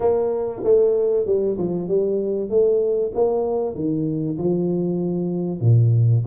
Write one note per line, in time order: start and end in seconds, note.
0.00 0.62 A#3
0.63 1.26 A3
1.26 1.57 G3
1.58 1.88 F3
1.88 2.49 G3
2.49 3.12 A3
3.14 3.75 A#3
3.75 4.37 D#3
4.38 5.61 F3
5.61 6.23 A#2